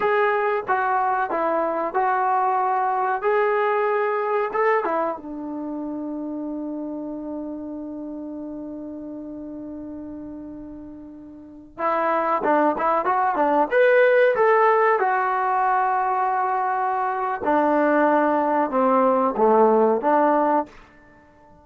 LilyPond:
\new Staff \with { instrumentName = "trombone" } { \time 4/4 \tempo 4 = 93 gis'4 fis'4 e'4 fis'4~ | fis'4 gis'2 a'8 e'8 | d'1~ | d'1~ |
d'2~ d'16 e'4 d'8 e'16~ | e'16 fis'8 d'8 b'4 a'4 fis'8.~ | fis'2. d'4~ | d'4 c'4 a4 d'4 | }